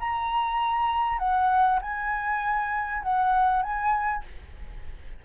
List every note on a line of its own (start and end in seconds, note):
0.00 1.19 A#5
1.19 1.80 F#5
1.82 3.03 G#5
3.03 3.63 F#5
3.63 4.24 G#5